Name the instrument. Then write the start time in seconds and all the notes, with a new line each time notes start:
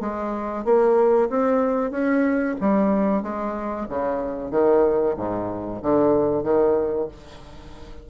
bassoon
0.00 G#3
0.65 A#3
1.29 C4
1.91 C#4
2.60 G3
3.22 G#3
3.89 C#3
4.51 D#3
5.16 G#2
5.82 D3
6.43 D#3